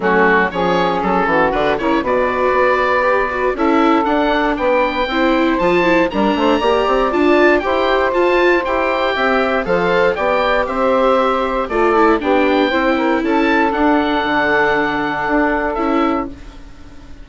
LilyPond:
<<
  \new Staff \with { instrumentName = "oboe" } { \time 4/4 \tempo 4 = 118 fis'4 cis''4 a'4 b'8 cis''8 | d''2. e''4 | fis''4 g''2 a''4 | ais''2 a''4 g''4 |
a''4 g''2 f''4 | g''4 e''2 d''4 | g''2 a''4 fis''4~ | fis''2. e''4 | }
  \new Staff \with { instrumentName = "saxophone" } { \time 4/4 cis'4 gis'4. fis'4 ais'8 | b'2. a'4~ | a'4 b'4 c''2 | ais'8 c''8 d''2 c''4~ |
c''2 e''4 c''4 | d''4 c''2 a'4 | g'4 c''8 ais'8 a'2~ | a'1 | }
  \new Staff \with { instrumentName = "viola" } { \time 4/4 a4 cis'2 d'8 e'8 | fis'2 g'8 fis'8 e'4 | d'2 e'4 f'8 e'8 | d'4 g'4 f'4 g'4 |
f'4 g'2 a'4 | g'2. f'8 e'8 | d'4 e'2 d'4~ | d'2. e'4 | }
  \new Staff \with { instrumentName = "bassoon" } { \time 4/4 fis4 f4 fis8 e8 d8 cis8 | b,4 b2 cis'4 | d'4 b4 c'4 f4 | g8 a8 ais8 c'8 d'4 e'4 |
f'4 e'4 c'4 f4 | b4 c'2 a4 | b4 c'4 cis'4 d'4 | d2 d'4 cis'4 | }
>>